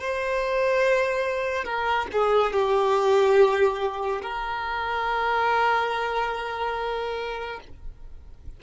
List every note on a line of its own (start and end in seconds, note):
0.00 1.64 C5
1.64 2.07 A#4
2.12 2.53 G#4
2.53 4.22 G4
4.22 7.60 A#4